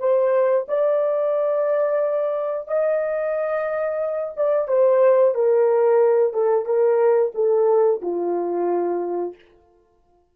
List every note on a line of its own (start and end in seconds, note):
0.00 0.67 C5
0.69 2.68 D5
2.68 4.35 D#5
4.37 4.68 D5
4.68 5.35 C5
5.35 6.34 A#4
6.34 6.66 A4
6.66 7.32 A#4
7.35 8.02 A4
8.02 9.35 F4